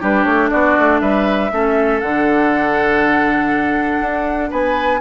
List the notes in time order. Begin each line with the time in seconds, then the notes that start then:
0.00 G3 D4 G4 B4
0.24 A3 C#5
0.50 B3 F#4 D5
0.78 A3
1.00 G3 B4 E5
1.52 A3 C#4 A4
2.00 D3 D4 F#5
4.00 D4
4.50 B3 B4 G#5